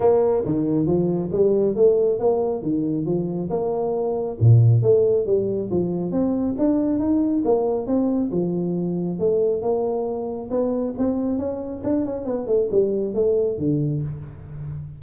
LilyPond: \new Staff \with { instrumentName = "tuba" } { \time 4/4 \tempo 4 = 137 ais4 dis4 f4 g4 | a4 ais4 dis4 f4 | ais2 ais,4 a4 | g4 f4 c'4 d'4 |
dis'4 ais4 c'4 f4~ | f4 a4 ais2 | b4 c'4 cis'4 d'8 cis'8 | b8 a8 g4 a4 d4 | }